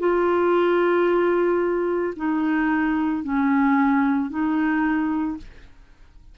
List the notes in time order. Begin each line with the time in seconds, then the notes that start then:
0.00 F4
2.17 D#4
3.23 C#4
4.30 D#4